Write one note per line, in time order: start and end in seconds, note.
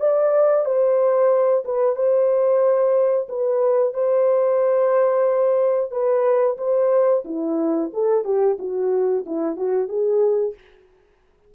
0.00 0.65 D5
0.65 1.64 C5
1.65 1.96 B4
1.96 3.28 C5
3.29 3.94 B4
3.94 5.91 C5
5.91 6.57 B4
6.58 7.24 C5
7.25 7.91 E4
7.93 8.24 A4
8.24 8.57 G4
8.59 9.25 F#4
9.26 9.56 E4
9.56 9.88 F#4
9.88 10.54 G#4